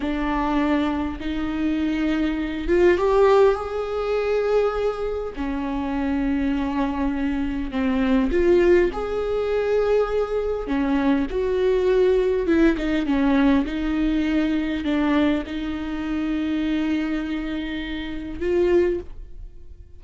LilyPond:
\new Staff \with { instrumentName = "viola" } { \time 4/4 \tempo 4 = 101 d'2 dis'2~ | dis'8 f'8 g'4 gis'2~ | gis'4 cis'2.~ | cis'4 c'4 f'4 gis'4~ |
gis'2 cis'4 fis'4~ | fis'4 e'8 dis'8 cis'4 dis'4~ | dis'4 d'4 dis'2~ | dis'2. f'4 | }